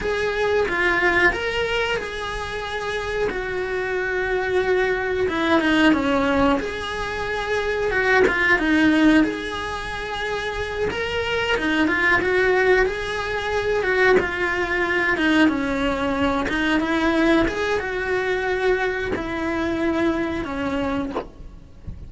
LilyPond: \new Staff \with { instrumentName = "cello" } { \time 4/4 \tempo 4 = 91 gis'4 f'4 ais'4 gis'4~ | gis'4 fis'2. | e'8 dis'8 cis'4 gis'2 | fis'8 f'8 dis'4 gis'2~ |
gis'8 ais'4 dis'8 f'8 fis'4 gis'8~ | gis'4 fis'8 f'4. dis'8 cis'8~ | cis'4 dis'8 e'4 gis'8 fis'4~ | fis'4 e'2 cis'4 | }